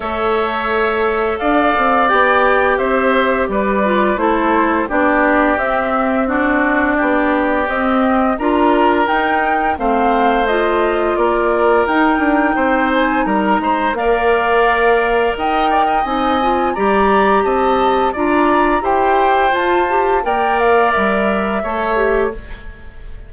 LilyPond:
<<
  \new Staff \with { instrumentName = "flute" } { \time 4/4 \tempo 4 = 86 e''2 f''4 g''4 | e''4 d''4 c''4 d''4 | e''4 d''2 dis''4 | ais''4 g''4 f''4 dis''4 |
d''4 g''4. gis''8 ais''4 | f''2 g''4 gis''4 | ais''4 a''4 ais''4 g''4 | a''4 g''8 f''8 e''2 | }
  \new Staff \with { instrumentName = "oboe" } { \time 4/4 cis''2 d''2 | c''4 b'4 a'4 g'4~ | g'4 fis'4 g'2 | ais'2 c''2 |
ais'2 c''4 ais'8 c''8 | d''2 dis''8 d''16 dis''4~ dis''16 | d''4 dis''4 d''4 c''4~ | c''4 d''2 cis''4 | }
  \new Staff \with { instrumentName = "clarinet" } { \time 4/4 a'2. g'4~ | g'4. f'8 e'4 d'4 | c'4 d'2 c'4 | f'4 dis'4 c'4 f'4~ |
f'4 dis'2. | ais'2. dis'8 f'8 | g'2 f'4 g'4 | f'8 g'8 ais'2 a'8 g'8 | }
  \new Staff \with { instrumentName = "bassoon" } { \time 4/4 a2 d'8 c'8 b4 | c'4 g4 a4 b4 | c'2 b4 c'4 | d'4 dis'4 a2 |
ais4 dis'8 d'8 c'4 g8 gis8 | ais2 dis'4 c'4 | g4 c'4 d'4 e'4 | f'4 ais4 g4 a4 | }
>>